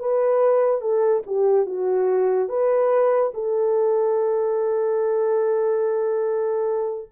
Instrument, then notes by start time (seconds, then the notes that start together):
horn
0.00 B4
0.81 A4
1.27 G4
1.66 F#4
2.49 B4
3.34 A4